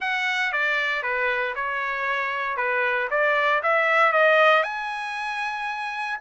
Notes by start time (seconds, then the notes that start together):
0.00 F#5
0.52 D5
1.02 B4
1.55 C#5
2.57 B4
3.10 D5
3.63 E5
4.12 D#5
4.63 G#5